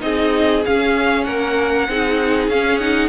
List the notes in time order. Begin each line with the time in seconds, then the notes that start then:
0.00 C4 D#4 G#4 D#5
0.65 C#4 F5
1.24 A#3 A#4 F#5
1.88 C4 D#4 G#4
2.49 C#4 F5
2.78 D#4 F#5